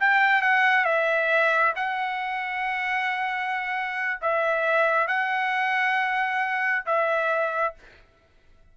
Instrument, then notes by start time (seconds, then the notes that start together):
trumpet
0.00 G5
0.42 F#5
0.85 E5
1.76 F#5
4.22 E5
5.08 F#5
6.86 E5